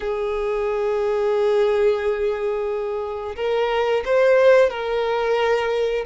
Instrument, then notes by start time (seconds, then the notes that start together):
violin
0.00 G#4
3.36 A#4
4.04 C5
4.70 A#4